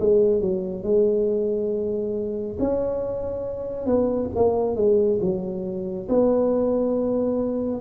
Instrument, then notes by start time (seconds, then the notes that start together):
tuba
0.00 G#3
0.41 F#3
0.83 G#3
2.59 C#4
3.86 B3
4.35 A#3
4.76 G#3
5.21 F#3
6.09 B3